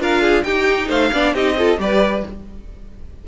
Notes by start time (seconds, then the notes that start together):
0.00 D4 F4 A#4 F5
0.22 G#4
0.44 D#4 G4 G5
0.89 A3 C5 F5
1.13 B3 D4 D5
1.34 C4 D#4 G4 D#5
1.58 F4 A4
1.79 G3 G4 B4 D5